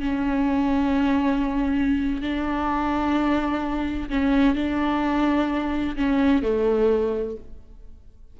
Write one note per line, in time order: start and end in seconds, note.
0.00 2.22 C#4
2.22 4.09 D4
4.10 4.55 C#4
4.55 5.96 D4
5.96 6.42 C#4
6.42 7.36 A3